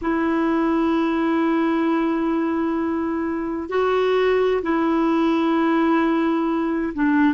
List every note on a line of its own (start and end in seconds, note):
0.01 3.69 E4
3.69 4.61 F#4
4.62 6.93 E4
6.94 7.33 D4